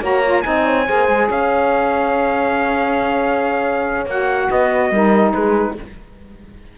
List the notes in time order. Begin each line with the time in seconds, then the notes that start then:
0.00 A#3 F#4 C#5 A#5
0.24 F4
0.41 C4 D#4 D#5 G#5
0.66 C#5
0.87 A#3 G#4 C5
1.08 G#3
1.28 C#4 C#5 F5
4.05 A#3 F#4 F#5
4.48 B3 B4 D#5
4.90 G3 D#4 A#4
5.33 G#3 G#4 B4